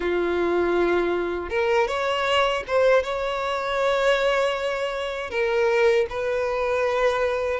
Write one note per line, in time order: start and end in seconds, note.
0.00 1.49 F4
1.49 1.87 A#4
1.87 2.63 C#5
2.67 3.03 C5
3.03 5.30 C#5
5.30 6.06 A#4
6.09 7.60 B4